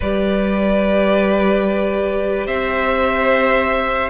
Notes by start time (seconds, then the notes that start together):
0.00 G3 G4 B4 D5
2.46 C4 C5 E5